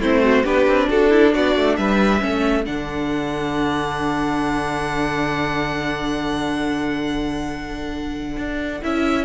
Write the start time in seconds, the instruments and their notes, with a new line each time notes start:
0.00 cello A3, viola C4, violin E4 C5
0.24 violin F#4
0.45 cello B3, viola D4, violin G4 B4
0.67 cello C4
0.89 cello D4, violin F#4 A4
1.11 violin E4
1.34 cello B3, violin F#4 D5
1.57 cello A3
1.77 cello G3, violin B4 E5
2.21 cello A3, viola C#4, violin A4
2.65 cello D3, viola D4, violin F#5
8.37 cello D4
8.82 cello C#4, viola E4, violin E5